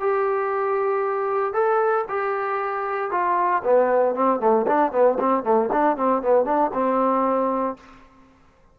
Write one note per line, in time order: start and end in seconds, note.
0.00 1.54 G4
1.54 2.05 A4
2.09 3.11 G4
3.11 3.63 F4
3.64 4.15 B3
4.15 4.40 C4
4.40 4.66 A3
4.67 4.92 D4
4.92 5.18 B3
5.20 5.44 C4
5.44 5.70 A3
5.72 5.97 D4
5.97 6.22 C4
6.22 6.45 B3
6.45 6.71 D4
6.74 7.77 C4